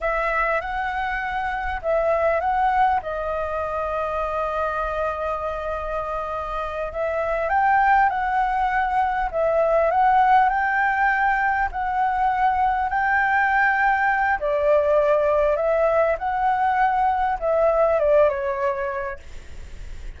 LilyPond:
\new Staff \with { instrumentName = "flute" } { \time 4/4 \tempo 4 = 100 e''4 fis''2 e''4 | fis''4 dis''2.~ | dis''2.~ dis''8 e''8~ | e''8 g''4 fis''2 e''8~ |
e''8 fis''4 g''2 fis''8~ | fis''4. g''2~ g''8 | d''2 e''4 fis''4~ | fis''4 e''4 d''8 cis''4. | }